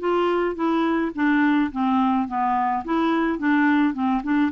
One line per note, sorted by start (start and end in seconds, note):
0.00 0.55 F4
0.55 1.11 E4
1.15 1.71 D4
1.72 2.28 C4
2.28 2.84 B3
2.85 3.38 E4
3.38 3.94 D4
3.94 4.22 C4
4.23 4.51 D4